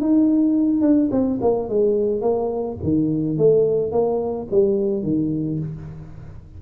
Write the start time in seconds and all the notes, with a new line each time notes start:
0.00 D#4
0.81 D4
1.11 C4
1.41 A#3
1.69 G#3
2.21 A#3
2.83 D#3
3.38 A3
3.92 A#3
4.51 G3
5.03 D#3